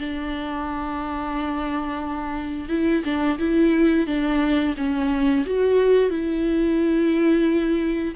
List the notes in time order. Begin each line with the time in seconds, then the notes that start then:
0.00 D4
2.69 E4
3.05 D4
3.39 E4
4.07 D4
4.77 C#4
5.46 F#4
6.10 E4